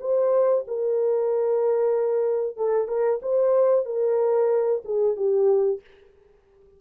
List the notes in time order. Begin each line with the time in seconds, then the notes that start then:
0.00 C5
0.67 A#4
2.56 A4
2.88 A#4
3.22 C5
3.85 A#4
4.85 G#4
5.16 G4